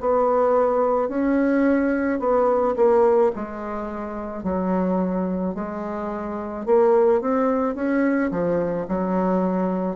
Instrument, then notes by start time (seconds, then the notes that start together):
bassoon
0.00 B3
1.09 C#4
2.20 B3
2.76 A#3
3.35 G#3
4.43 F#3
5.55 G#3
6.66 A#3
7.21 C4
7.75 C#4
8.31 F3
8.88 F#3